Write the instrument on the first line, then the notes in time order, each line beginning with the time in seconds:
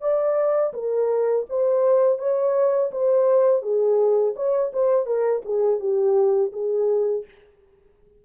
horn
0.00 D5
0.73 A#4
1.49 C5
2.18 C#5
2.91 C5
3.62 G#4
4.35 C#5
4.73 C5
5.06 A#4
5.44 G#4
5.79 G4
6.52 G#4